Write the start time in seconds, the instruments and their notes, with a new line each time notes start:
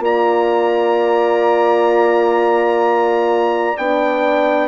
0.00 bassoon A#3, horn F4, saxophone D5, trumpet A#5
3.78 bassoon B3, horn D4, trumpet G5